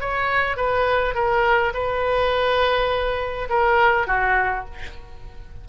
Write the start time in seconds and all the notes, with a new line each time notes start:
0.00 C#5
0.56 B4
1.14 A#4
1.74 B4
3.49 A#4
4.07 F#4